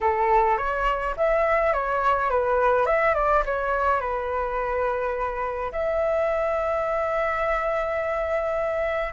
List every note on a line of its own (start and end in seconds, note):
0.00 0.57 A4
0.57 1.14 C#5
1.17 1.73 E5
1.73 2.30 C#5
2.30 2.86 B4
2.86 3.14 E5
3.14 3.43 D5
3.45 4.00 C#5
4.00 5.71 B4
5.71 9.13 E5